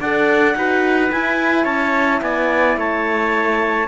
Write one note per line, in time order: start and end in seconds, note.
0.00 0.55 D4
0.00 0.56 A4
0.00 0.56 D5
0.00 1.11 F#5
0.55 1.10 D#4
0.55 1.11 F#4
0.55 1.63 B4
1.11 3.87 E4
1.11 1.65 E4
1.11 1.64 G#5
1.63 2.21 C#4
1.63 2.19 C#5
1.63 2.19 A5
2.21 2.76 B3
2.21 2.78 D5
2.21 2.77 G#5
2.76 3.87 A3
2.76 3.87 C#5
2.76 3.87 A5